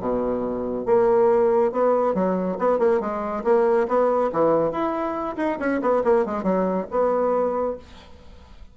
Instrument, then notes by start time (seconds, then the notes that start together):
bassoon
0.00 B2
0.86 A#3
1.72 B3
2.14 F#3
2.59 B3
2.79 A#3
3.00 G#3
3.44 A#3
3.88 B3
4.32 E3
4.71 E4
5.37 D#4
5.60 C#4
5.81 B3
6.04 A#3
6.26 G#3
6.43 F#3
6.90 B3